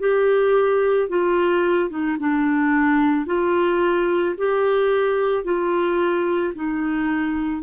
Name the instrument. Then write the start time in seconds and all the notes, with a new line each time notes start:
clarinet
0.00 G4
1.09 F4
1.90 D#4
2.19 D4
3.26 F4
4.38 G4
5.44 F4
6.55 D#4